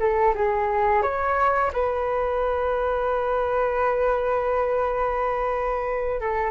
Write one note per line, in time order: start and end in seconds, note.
0.00 0.34 A4
0.35 1.03 G#4
1.03 1.72 C#5
1.73 6.21 B4
6.21 6.51 A4